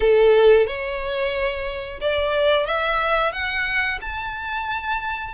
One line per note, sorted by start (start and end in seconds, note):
0.00 0.66 A4
0.66 2.00 C#5
2.00 2.66 D5
2.66 3.32 E5
3.32 3.99 F#5
4.01 5.34 A5